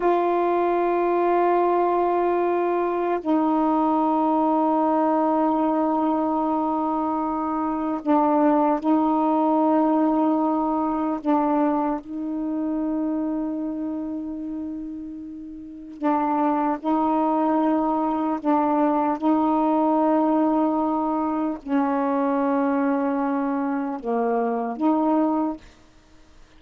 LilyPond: \new Staff \with { instrumentName = "saxophone" } { \time 4/4 \tempo 4 = 75 f'1 | dis'1~ | dis'2 d'4 dis'4~ | dis'2 d'4 dis'4~ |
dis'1 | d'4 dis'2 d'4 | dis'2. cis'4~ | cis'2 ais4 dis'4 | }